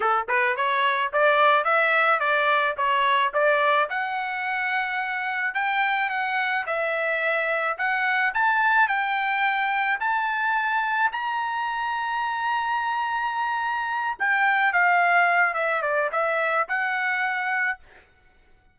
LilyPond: \new Staff \with { instrumentName = "trumpet" } { \time 4/4 \tempo 4 = 108 a'8 b'8 cis''4 d''4 e''4 | d''4 cis''4 d''4 fis''4~ | fis''2 g''4 fis''4 | e''2 fis''4 a''4 |
g''2 a''2 | ais''1~ | ais''4. g''4 f''4. | e''8 d''8 e''4 fis''2 | }